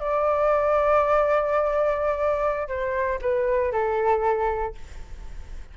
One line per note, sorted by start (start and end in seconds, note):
0.00 2.68 D5
2.68 3.19 C5
3.21 3.72 B4
3.72 4.75 A4